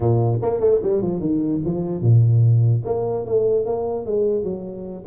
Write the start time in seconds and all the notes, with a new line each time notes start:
0.00 A#2
0.42 A#3
0.60 A3
0.82 G3
1.02 F3
1.20 D#3
1.65 F3
2.01 A#2
2.85 A#3
3.25 A3
3.65 A#3
4.05 G#3
4.43 F#3